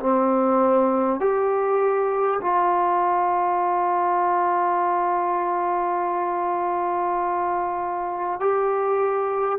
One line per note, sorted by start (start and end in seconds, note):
0.00 1.20 C4
1.20 2.40 G4
2.42 8.40 F4
8.40 9.59 G4